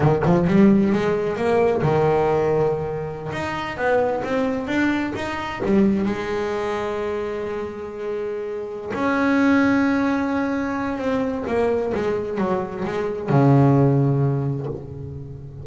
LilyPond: \new Staff \with { instrumentName = "double bass" } { \time 4/4 \tempo 4 = 131 dis8 f8 g4 gis4 ais4 | dis2.~ dis16 dis'8.~ | dis'16 b4 c'4 d'4 dis'8.~ | dis'16 g4 gis2~ gis8.~ |
gis2.~ gis8 cis'8~ | cis'1 | c'4 ais4 gis4 fis4 | gis4 cis2. | }